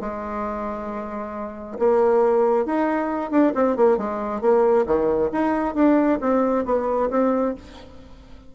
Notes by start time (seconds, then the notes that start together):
0.00 G#3
1.79 A#3
2.65 D#4
3.31 D4
3.55 C4
3.76 A#3
3.98 G#3
4.41 A#3
4.86 D#3
5.32 D#4
5.74 D4
6.20 C4
6.65 B3
7.10 C4